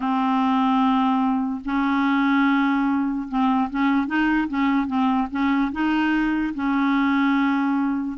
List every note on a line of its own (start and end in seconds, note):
0.00 1.60 C4
1.64 3.27 C#4
3.28 3.69 C4
3.69 4.06 C#4
4.06 4.47 D#4
4.48 4.86 C#4
4.86 5.27 C4
5.30 5.71 C#4
5.71 6.53 D#4
6.54 8.17 C#4